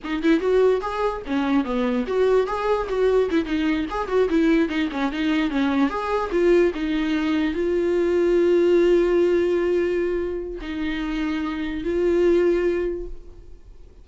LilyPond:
\new Staff \with { instrumentName = "viola" } { \time 4/4 \tempo 4 = 147 dis'8 e'8 fis'4 gis'4 cis'4 | b4 fis'4 gis'4 fis'4 | e'8 dis'4 gis'8 fis'8 e'4 dis'8 | cis'8 dis'4 cis'4 gis'4 f'8~ |
f'8 dis'2 f'4.~ | f'1~ | f'2 dis'2~ | dis'4 f'2. | }